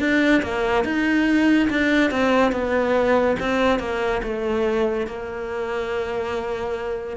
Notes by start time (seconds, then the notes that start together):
0.00 D4
0.43 A#3
0.85 D#4
1.70 D4
2.11 C4
2.52 B3
3.40 C4
3.80 A#3
4.23 A3
5.07 A#3